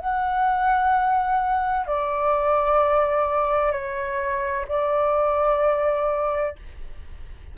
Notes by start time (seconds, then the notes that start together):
0.00 F#5
1.87 D5
3.72 C#5
4.69 D5